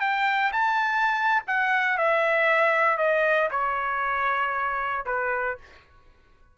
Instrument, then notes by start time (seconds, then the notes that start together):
trumpet
0.00 G5
0.52 A5
1.47 F#5
1.97 E5
2.97 D#5
3.51 C#5
5.06 B4